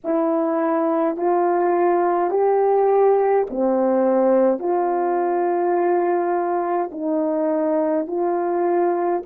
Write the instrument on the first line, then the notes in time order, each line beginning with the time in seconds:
horn
0.04 E4
1.16 F4
2.30 G4
3.49 C4
4.59 F4
6.91 D#4
8.07 F4